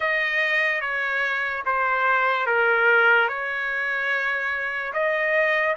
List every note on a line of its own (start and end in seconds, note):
0.00 0.80 D#5
0.80 1.63 C#5
1.65 2.46 C5
2.46 3.28 A#4
3.28 4.92 C#5
4.93 5.75 D#5